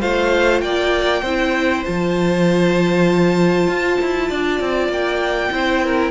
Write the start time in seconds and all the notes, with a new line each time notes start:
0.00 A3 F4 C5 F5
0.61 A#3 D5 G5
1.22 C4 E4 C5
1.85 F3 F4 A5
3.67 F4
4.01 E4
4.29 D4 D5
4.60 C4
4.88 A#3 G5
5.52 C4 E4 C5
5.84 A#4